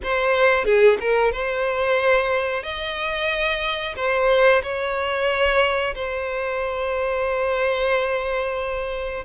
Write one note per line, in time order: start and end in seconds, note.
0.03 0.64 C5
0.64 0.97 G#4
1.00 1.32 A#4
1.32 2.63 C5
2.63 3.95 D#5
3.96 4.62 C5
4.62 5.94 C#5
5.94 9.24 C5